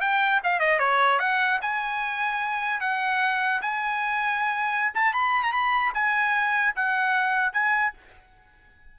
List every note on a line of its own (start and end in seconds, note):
0.00 0.40 G5
0.43 0.59 F5
0.59 0.79 D#5
0.79 1.19 C#5
1.19 1.59 F#5
1.61 2.80 G#5
2.80 3.61 F#5
3.61 4.92 G#5
4.94 5.13 A5
5.13 5.43 B5
5.43 5.52 A#5
5.52 5.92 B5
5.94 6.74 G#5
6.75 7.52 F#5
7.52 7.93 G#5